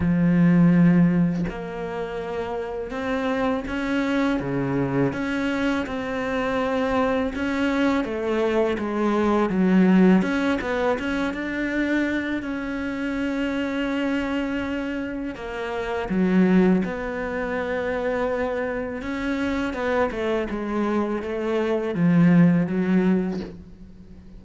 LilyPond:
\new Staff \with { instrumentName = "cello" } { \time 4/4 \tempo 4 = 82 f2 ais2 | c'4 cis'4 cis4 cis'4 | c'2 cis'4 a4 | gis4 fis4 cis'8 b8 cis'8 d'8~ |
d'4 cis'2.~ | cis'4 ais4 fis4 b4~ | b2 cis'4 b8 a8 | gis4 a4 f4 fis4 | }